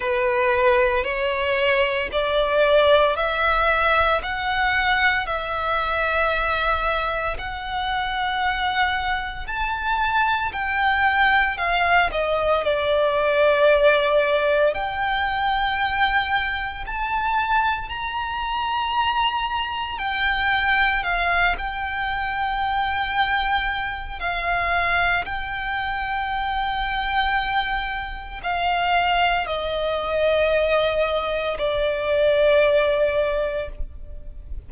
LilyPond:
\new Staff \with { instrumentName = "violin" } { \time 4/4 \tempo 4 = 57 b'4 cis''4 d''4 e''4 | fis''4 e''2 fis''4~ | fis''4 a''4 g''4 f''8 dis''8 | d''2 g''2 |
a''4 ais''2 g''4 | f''8 g''2~ g''8 f''4 | g''2. f''4 | dis''2 d''2 | }